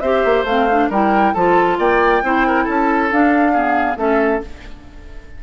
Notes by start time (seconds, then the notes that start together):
0.00 C4 G4 C5 E5
0.24 A#3
0.44 A3 C4 F5
0.70 D4
0.89 G3 E4 A#4 G5
1.33 F3 F4 A4 A5
1.78 A#3 D5 G5
2.22 C4 E4 C5
2.47 A#4
2.64 C#4 A4 A5
3.11 D4 F5
3.53 B3 G#4
3.96 A3 C#4 A4 E5